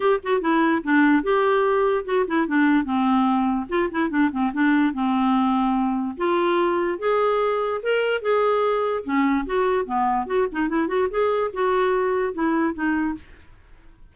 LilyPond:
\new Staff \with { instrumentName = "clarinet" } { \time 4/4 \tempo 4 = 146 g'8 fis'8 e'4 d'4 g'4~ | g'4 fis'8 e'8 d'4 c'4~ | c'4 f'8 e'8 d'8 c'8 d'4 | c'2. f'4~ |
f'4 gis'2 ais'4 | gis'2 cis'4 fis'4 | b4 fis'8 dis'8 e'8 fis'8 gis'4 | fis'2 e'4 dis'4 | }